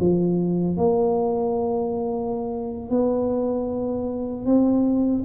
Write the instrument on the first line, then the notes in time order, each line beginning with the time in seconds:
tuba
0.00 F3
0.77 A#3
2.90 B3
4.45 C4